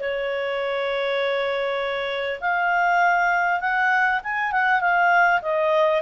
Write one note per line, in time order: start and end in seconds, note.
0.00 2.40 C#5
2.41 3.60 F5
3.60 4.20 F#5
4.24 4.52 G#5
4.52 4.81 F#5
4.81 5.41 F5
5.42 6.02 D#5